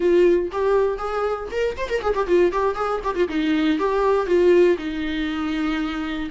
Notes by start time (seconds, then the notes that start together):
0.00 F4
0.51 G4
0.98 G#4
1.51 A#4
1.76 C5
1.89 A#4
2.01 G#4
2.14 G4
2.26 F4
2.52 G4
2.75 G#4
3.04 G4
3.15 F4
3.28 D#4
3.78 G4
4.26 F4
4.78 D#4